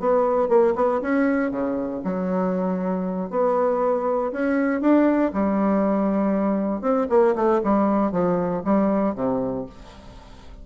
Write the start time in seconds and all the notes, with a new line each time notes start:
0.00 B3
0.49 A#3
0.76 B3
1.02 C#4
1.51 C#3
2.05 F#3
3.31 B3
4.32 C#4
4.81 D4
5.34 G3
6.82 C4
7.10 A#3
7.36 A3
7.64 G3
8.12 F3
8.65 G3
9.15 C3